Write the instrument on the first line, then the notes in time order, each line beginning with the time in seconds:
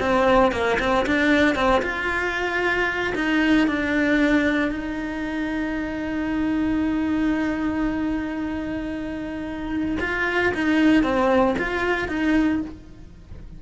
cello
0.00 C4
0.52 A#3
0.80 C4
1.07 D4
1.56 C4
1.82 F4
3.16 D#4
3.68 D4
4.72 D#4
10.00 F4
10.55 D#4
11.03 C4
11.59 F4
12.09 D#4